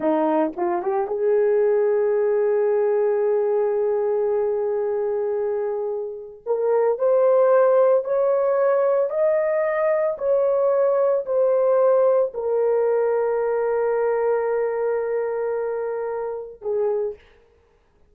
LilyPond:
\new Staff \with { instrumentName = "horn" } { \time 4/4 \tempo 4 = 112 dis'4 f'8 g'8 gis'2~ | gis'1~ | gis'1 | ais'4 c''2 cis''4~ |
cis''4 dis''2 cis''4~ | cis''4 c''2 ais'4~ | ais'1~ | ais'2. gis'4 | }